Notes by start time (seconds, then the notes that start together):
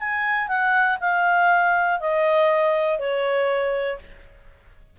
0.00 G#5
0.49 F#5
1.01 F5
2.00 D#5
2.99 C#5